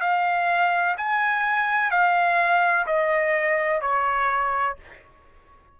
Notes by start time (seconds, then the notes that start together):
0.00 F5
0.97 G#5
1.91 F5
2.87 D#5
3.81 C#5